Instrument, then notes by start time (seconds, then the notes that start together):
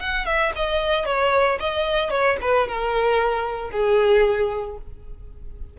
violin
0.00 F#5
0.26 E5
0.56 D#5
1.05 C#5
1.60 D#5
2.10 C#5
2.42 B4
2.68 A#4
3.71 G#4